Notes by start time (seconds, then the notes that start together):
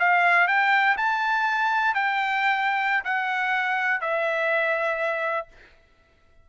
0.00 F5
0.48 G5
0.98 A5
1.95 G5
3.05 F#5
4.02 E5